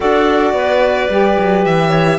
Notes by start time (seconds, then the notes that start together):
0.00 D4 F#4 A4 D5
0.53 B3 B4
1.09 G3 G4
1.38 F#3
1.65 E3 E5
1.89 C#5